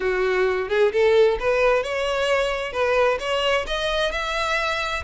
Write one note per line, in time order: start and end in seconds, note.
0.00 0.68 F#4
0.68 0.91 G#4
0.92 1.38 A4
1.39 1.83 B4
1.83 2.72 C#5
2.72 3.18 B4
3.19 3.65 C#5
3.66 4.11 D#5
4.11 5.03 E5